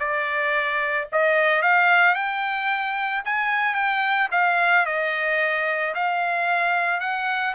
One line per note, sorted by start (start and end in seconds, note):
0.00 1.08 D5
1.12 1.62 D#5
1.62 2.15 F5
2.15 3.23 G5
3.26 3.75 G#5
3.75 4.29 G5
4.32 4.86 F5
4.86 5.94 D#5
5.95 7.00 F5
7.00 7.55 F#5